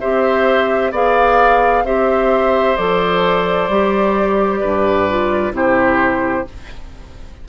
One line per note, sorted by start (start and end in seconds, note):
0.00 0.92 C4
0.00 0.93 G4
0.00 0.92 C5
0.00 0.92 E5
0.92 1.84 B3
0.92 1.86 G#4
0.92 1.84 D5
0.92 1.86 F5
1.84 2.77 C4
1.84 2.78 G4
1.84 4.60 C5
1.84 2.77 E5
2.77 3.69 F3
2.77 3.70 A4
2.77 5.54 D5
3.69 4.61 G3
3.69 5.10 G4
4.60 5.52 G2
4.60 5.53 B4
5.10 5.53 F4
5.52 6.45 C3
5.52 6.45 E4
5.52 6.49 G4
5.52 6.48 C5